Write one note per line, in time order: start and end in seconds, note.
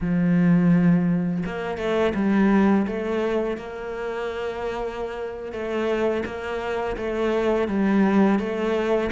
0.00 1.43 F3
1.45 1.77 A#3
1.77 2.13 A3
2.15 2.86 G3
2.86 3.57 A3
3.57 5.52 A#3
5.52 6.23 A3
6.25 6.96 A#3
6.96 7.68 A3
7.68 8.39 G3
8.39 9.10 A3